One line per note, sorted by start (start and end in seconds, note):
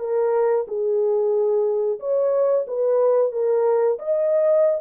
0.00 0.66 A#4
0.68 2.00 G#4
2.00 2.66 C#5
2.67 3.33 B4
3.33 3.99 A#4
3.99 4.81 D#5